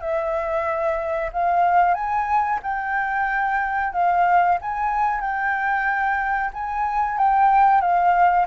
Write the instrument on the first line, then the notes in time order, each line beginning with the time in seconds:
flute
0.00 E5
1.33 F5
1.94 G#5
2.62 G5
3.92 F5
4.61 G#5
5.20 G5
6.53 G#5
7.18 G5
7.81 F5